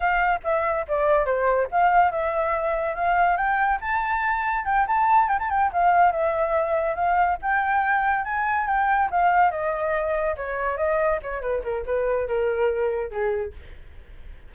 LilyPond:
\new Staff \with { instrumentName = "flute" } { \time 4/4 \tempo 4 = 142 f''4 e''4 d''4 c''4 | f''4 e''2 f''4 | g''4 a''2 g''8 a''8~ | a''8 g''16 a''16 g''8 f''4 e''4.~ |
e''8 f''4 g''2 gis''8~ | gis''8 g''4 f''4 dis''4.~ | dis''8 cis''4 dis''4 cis''8 b'8 ais'8 | b'4 ais'2 gis'4 | }